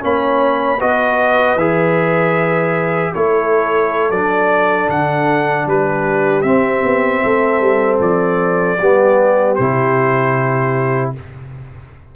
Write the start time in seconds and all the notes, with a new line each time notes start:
0.00 A#3 C#4 C#5 B5
0.78 B3 F#4 B4 D#5
1.55 E3 G#4 E5
3.14 A3 E4 A4 C#5
4.10 F#3 D4 D5
4.88 D3 F#5
5.66 G3 G4 B4
6.42 C4 E5
6.83 B3
7.23 A3 A4
7.60 G3
7.99 F3 D5
8.79 G3 B3 G4
9.55 C3 E4 C5